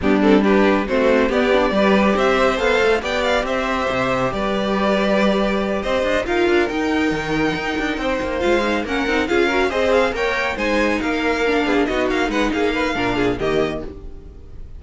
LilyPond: <<
  \new Staff \with { instrumentName = "violin" } { \time 4/4 \tempo 4 = 139 g'8 a'8 b'4 c''4 d''4~ | d''4 e''4 f''4 g''8 f''8 | e''2 d''2~ | d''4. dis''4 f''4 g''8~ |
g''2.~ g''8 f''8~ | f''8 fis''4 f''4 dis''8 f''8 g''8~ | g''8 gis''4 f''2 dis''8 | f''8 fis''8 f''2 dis''4 | }
  \new Staff \with { instrumentName = "violin" } { \time 4/4 d'4 g'4 fis'4 g'4 | b'4 c''2 d''4 | c''2 b'2~ | b'4. c''4 ais'4.~ |
ais'2~ ais'8 c''4.~ | c''8 ais'4 gis'8 ais'8 c''4 cis''8~ | cis''8 c''4 ais'4. gis'8 fis'8~ | fis'8 b'8 gis'8 b'8 ais'8 gis'8 g'4 | }
  \new Staff \with { instrumentName = "viola" } { \time 4/4 b8 c'8 d'4 c'4 b8 d'8 | g'2 a'4 g'4~ | g'1~ | g'2~ g'8 f'4 dis'8~ |
dis'2.~ dis'8 f'8 | dis'8 cis'8 dis'8 f'8 fis'8 gis'4 ais'8~ | ais'8 dis'2 d'4 dis'8~ | dis'2 d'4 ais4 | }
  \new Staff \with { instrumentName = "cello" } { \time 4/4 g2 a4 b4 | g4 c'4 b8 a8 b4 | c'4 c4 g2~ | g4. c'8 d'8 dis'8 d'8 dis'8~ |
dis'8 dis4 dis'8 d'8 c'8 ais8 gis8~ | gis8 ais8 c'8 cis'4 c'4 ais8~ | ais8 gis4 ais4. b16 ais16 b8 | ais8 gis8 ais4 ais,4 dis4 | }
>>